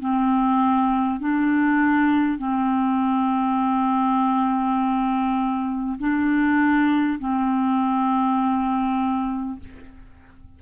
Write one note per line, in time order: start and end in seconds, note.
0.00 1.20 C4
1.20 2.38 D4
2.38 5.98 C4
5.99 7.19 D4
7.19 9.59 C4